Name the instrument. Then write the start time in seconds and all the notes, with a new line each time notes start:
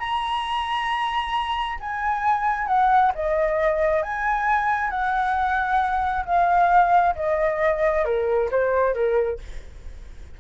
flute
0.00 A#5
1.81 G#5
2.68 F#5
3.15 D#5
4.03 G#5
4.91 F#5
6.26 F5
7.16 D#5
8.05 A#4
8.52 C5
8.95 A#4